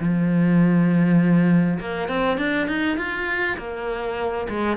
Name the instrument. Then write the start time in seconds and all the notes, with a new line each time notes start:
cello
0.00 F3
1.80 A#3
2.09 C4
2.38 D4
2.68 D#4
2.97 F4
3.58 A#3
4.49 G#3